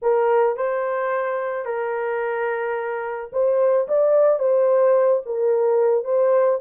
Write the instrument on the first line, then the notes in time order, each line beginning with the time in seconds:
horn
0.02 A#4
0.56 C5
1.65 A#4
3.32 C5
3.88 D5
4.39 C5
5.25 A#4
6.04 C5